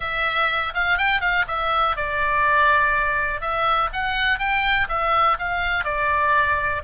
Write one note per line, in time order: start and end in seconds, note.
0.00 0.73 E5
0.73 0.97 F5
0.97 1.20 G5
1.20 1.45 F5
1.47 1.96 E5
1.96 3.40 D5
3.40 3.89 E5
3.92 4.38 F#5
4.38 4.87 G5
4.88 5.37 E5
5.38 5.84 F5
5.84 6.82 D5